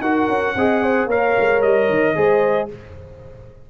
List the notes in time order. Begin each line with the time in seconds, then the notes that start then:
0.00 D#4 F#4 A#4 F#5
0.28 C#4
0.55 C4 G#4 D#5
0.82 C5
1.06 A#3 A#4 C#5 F5
1.39 G#3
1.61 G3 D#5
1.89 D#3
2.15 G#3 G#4 C5